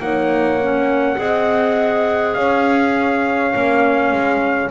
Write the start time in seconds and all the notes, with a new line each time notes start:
0.00 A#3 D#4 C#5 F#5
0.62 C#4
1.17 C4 G#4 D#5
2.34 C#4 C#5 F5
3.53 A#3 C#4
4.12 G#3